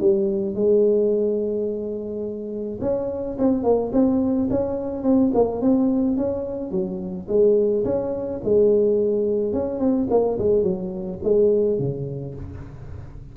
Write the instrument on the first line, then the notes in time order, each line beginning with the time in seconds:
tuba
0.00 G3
0.55 G#3
2.81 C#4
3.38 C4
3.63 A#3
3.93 C4
4.50 C#4
5.03 C4
5.34 A#3
5.61 C4
6.17 C#4
6.71 F#3
7.28 G#3
7.85 C#4
8.44 G#3
9.53 C#4
9.80 C4
10.10 A#3
10.39 G#3
10.63 F#3
11.24 G#3
11.79 C#3